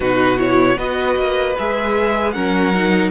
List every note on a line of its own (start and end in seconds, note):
0.00 0.77 B2
0.00 0.37 D#4
0.00 0.77 F#4
0.00 0.37 B4
0.37 0.76 E4
0.37 0.77 C#5
0.76 1.16 B3
0.76 1.54 F#4
0.76 2.33 B4
0.76 1.55 D#5
1.16 1.55 A#3
1.58 2.36 G#3
1.58 2.34 G#4
1.58 2.31 E5
2.31 3.11 F#3
2.31 2.73 C#4
2.31 3.11 A#4
2.31 3.09 F#5
2.74 3.11 D#4